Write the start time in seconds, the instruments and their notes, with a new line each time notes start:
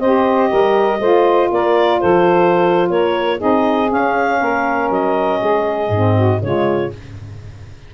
0.00 tuba C4, saxophone G4 C5, clarinet D#5
0.49 tuba G3, saxophone A#4
1.00 tuba A3, saxophone F4 C5
1.51 tuba A#3, saxophone A#4, clarinet D5
2.01 tuba F3, saxophone A4, clarinet C5
2.90 tuba A#3, saxophone A#4, clarinet C#5
3.38 tuba C4, saxophone D#4 G#4, clarinet D#5
3.87 saxophone C#4, tuba C#4, clarinet F5
4.41 tuba A#3, saxophone A#4
4.90 tuba F#3, clarinet D#5
5.40 tuba G#3, saxophone G#4
5.89 tuba G#2, saxophone C4
6.16 saxophone F#4
6.41 tuba C#3, saxophone G#3 F4, clarinet C#5